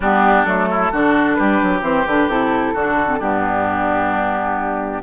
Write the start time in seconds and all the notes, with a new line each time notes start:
0.00 G3 B3 D4 G4
0.44 F#3 A3 A4
0.71 E4
0.91 D3 D4 F#4
1.34 G3 G4 B4
1.62 F#3
1.81 E3 C4 C5
2.06 D3 D4 B4
2.27 C3 E4 A4
2.73 D3 D4 F#4
3.07 C4
3.19 G2 B3 D4 G4